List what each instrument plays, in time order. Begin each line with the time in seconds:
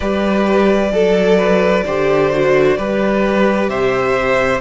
0.00 cello G3, viola G4, violin B4 D5
0.91 cello F#3, viola A4, violin A4
1.37 violin B4
1.85 cello D3, viola G4, violin C5
2.32 viola F#4
2.77 cello G3, viola G4, violin B4
3.68 cello C3, violin C5 E5